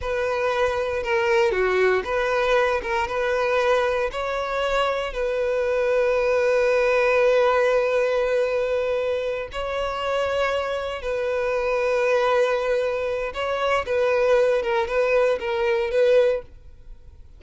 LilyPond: \new Staff \with { instrumentName = "violin" } { \time 4/4 \tempo 4 = 117 b'2 ais'4 fis'4 | b'4. ais'8 b'2 | cis''2 b'2~ | b'1~ |
b'2~ b'8 cis''4.~ | cis''4. b'2~ b'8~ | b'2 cis''4 b'4~ | b'8 ais'8 b'4 ais'4 b'4 | }